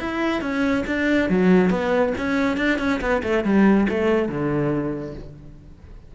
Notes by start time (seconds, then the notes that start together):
0.00 E4
0.41 C#4
0.87 D4
1.29 F#3
1.70 B3
2.18 C#4
2.57 D4
2.79 C#4
3.01 B3
3.23 A3
3.44 G3
3.89 A3
4.29 D3